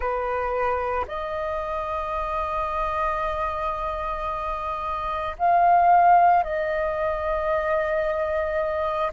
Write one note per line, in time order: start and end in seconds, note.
0.00 1.05 B4
1.07 5.36 D#5
5.38 6.43 F5
6.43 9.11 D#5